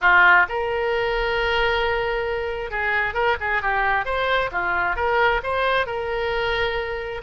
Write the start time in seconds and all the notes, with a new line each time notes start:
0.01 F4
0.49 A#4
2.70 G#4
3.14 A#4
3.40 G#4
3.62 G4
4.05 C5
4.51 F4
4.96 A#4
5.43 C5
5.86 A#4